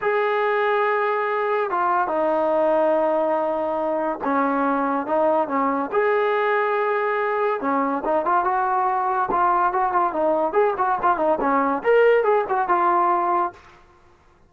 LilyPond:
\new Staff \with { instrumentName = "trombone" } { \time 4/4 \tempo 4 = 142 gis'1 | f'4 dis'2.~ | dis'2 cis'2 | dis'4 cis'4 gis'2~ |
gis'2 cis'4 dis'8 f'8 | fis'2 f'4 fis'8 f'8 | dis'4 gis'8 fis'8 f'8 dis'8 cis'4 | ais'4 gis'8 fis'8 f'2 | }